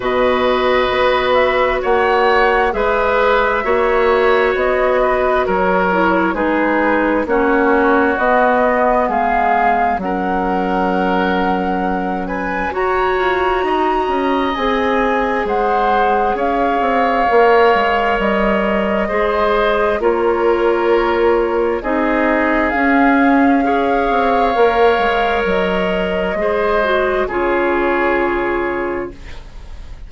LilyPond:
<<
  \new Staff \with { instrumentName = "flute" } { \time 4/4 \tempo 4 = 66 dis''4. e''8 fis''4 e''4~ | e''4 dis''4 cis''4 b'4 | cis''4 dis''4 f''4 fis''4~ | fis''4. gis''8 ais''2 |
gis''4 fis''4 f''2 | dis''2 cis''2 | dis''4 f''2. | dis''2 cis''2 | }
  \new Staff \with { instrumentName = "oboe" } { \time 4/4 b'2 cis''4 b'4 | cis''4. b'8 ais'4 gis'4 | fis'2 gis'4 ais'4~ | ais'4. b'8 cis''4 dis''4~ |
dis''4 c''4 cis''2~ | cis''4 c''4 ais'2 | gis'2 cis''2~ | cis''4 c''4 gis'2 | }
  \new Staff \with { instrumentName = "clarinet" } { \time 4/4 fis'2. gis'4 | fis'2~ fis'8 e'8 dis'4 | cis'4 b2 cis'4~ | cis'2 fis'2 |
gis'2. ais'4~ | ais'4 gis'4 f'2 | dis'4 cis'4 gis'4 ais'4~ | ais'4 gis'8 fis'8 f'2 | }
  \new Staff \with { instrumentName = "bassoon" } { \time 4/4 b,4 b4 ais4 gis4 | ais4 b4 fis4 gis4 | ais4 b4 gis4 fis4~ | fis2 fis'8 f'8 dis'8 cis'8 |
c'4 gis4 cis'8 c'8 ais8 gis8 | g4 gis4 ais2 | c'4 cis'4. c'8 ais8 gis8 | fis4 gis4 cis2 | }
>>